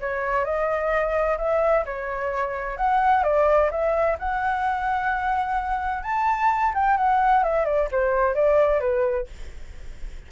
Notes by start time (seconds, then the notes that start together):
0.00 C#5
0.44 D#5
1.38 E5
1.85 C#5
2.77 F#5
3.23 D5
3.71 E5
4.19 F#5
6.03 A5
6.74 G5
6.97 F#5
7.43 E5
7.65 D5
7.91 C5
8.34 D5
8.80 B4